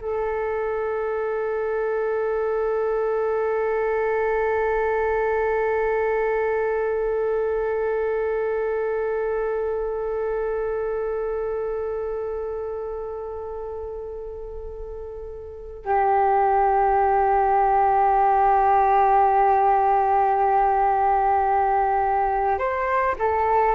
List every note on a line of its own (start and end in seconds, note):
0.00 15.85 A4
15.85 22.58 G4
22.58 23.15 C5
23.18 23.75 A4